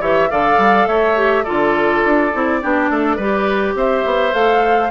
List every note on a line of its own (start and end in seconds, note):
0.00 0.30 E3
0.00 0.30 G4
0.00 0.29 C#5
0.00 0.30 E5
0.30 0.57 D3
0.30 1.15 A4
0.30 0.88 D5
0.30 0.87 F5
0.57 0.86 G3
0.87 1.44 A3
0.87 1.44 C#5
0.87 1.44 E5
1.15 1.44 G4
1.44 2.04 D3
1.44 2.32 F4
1.44 2.59 A4
1.44 3.74 D5
2.04 2.33 D4
2.33 2.63 C4
2.33 2.62 E4
2.62 2.90 B3
2.62 3.19 D4
2.62 2.90 G4
2.90 3.17 A3
2.90 3.16 A4
3.16 3.75 G3
3.16 4.32 G4
3.16 3.74 B4
3.75 4.04 C4
3.75 4.91 C5
3.75 4.33 E5
4.05 4.33 B3
4.32 4.91 A3
4.32 4.89 A4
4.32 4.91 F5